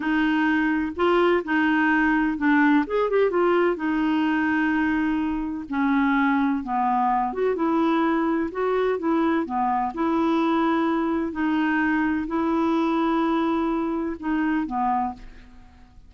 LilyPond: \new Staff \with { instrumentName = "clarinet" } { \time 4/4 \tempo 4 = 127 dis'2 f'4 dis'4~ | dis'4 d'4 gis'8 g'8 f'4 | dis'1 | cis'2 b4. fis'8 |
e'2 fis'4 e'4 | b4 e'2. | dis'2 e'2~ | e'2 dis'4 b4 | }